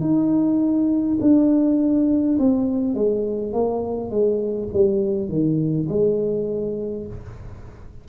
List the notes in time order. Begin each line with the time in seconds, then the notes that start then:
0.00 D#4
1.20 D4
2.39 C4
2.94 G#3
3.52 A#3
4.10 G#3
4.73 G3
5.29 D#3
5.89 G#3